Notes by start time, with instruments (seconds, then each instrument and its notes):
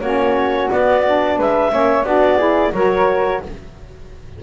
0.00 double bass A#3, saxophone C#4, flute F#4, clarinet C#5
0.70 saxophone B3, double bass B3, clarinet D5
1.05 saxophone D4
1.37 double bass G#3, flute B4, clarinet E5
1.70 double bass A#3, saxophone C#4, flute C#5
2.03 double bass B3, saxophone D4, flute F#4, clarinet D5
2.37 saxophone E4, flute G#4
2.72 double bass F#3, saxophone F#4, flute A#4, clarinet C#5